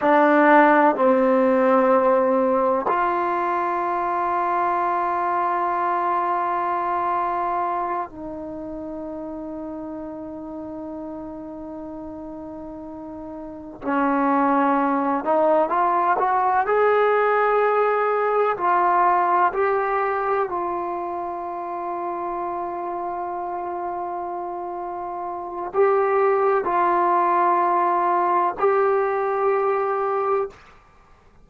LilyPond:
\new Staff \with { instrumentName = "trombone" } { \time 4/4 \tempo 4 = 63 d'4 c'2 f'4~ | f'1~ | f'8 dis'2.~ dis'8~ | dis'2~ dis'8 cis'4. |
dis'8 f'8 fis'8 gis'2 f'8~ | f'8 g'4 f'2~ f'8~ | f'2. g'4 | f'2 g'2 | }